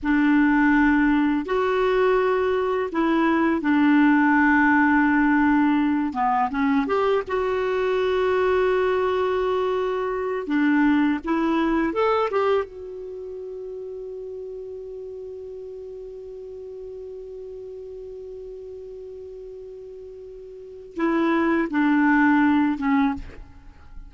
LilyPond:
\new Staff \with { instrumentName = "clarinet" } { \time 4/4 \tempo 4 = 83 d'2 fis'2 | e'4 d'2.~ | d'8 b8 cis'8 g'8 fis'2~ | fis'2~ fis'8 d'4 e'8~ |
e'8 a'8 g'8 fis'2~ fis'8~ | fis'1~ | fis'1~ | fis'4 e'4 d'4. cis'8 | }